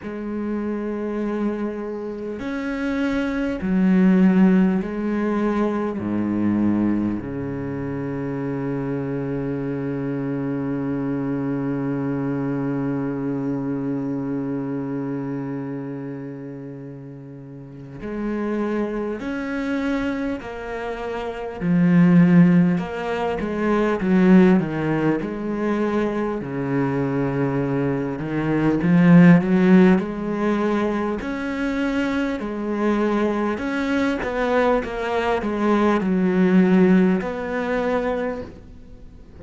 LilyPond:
\new Staff \with { instrumentName = "cello" } { \time 4/4 \tempo 4 = 50 gis2 cis'4 fis4 | gis4 gis,4 cis2~ | cis1~ | cis2. gis4 |
cis'4 ais4 f4 ais8 gis8 | fis8 dis8 gis4 cis4. dis8 | f8 fis8 gis4 cis'4 gis4 | cis'8 b8 ais8 gis8 fis4 b4 | }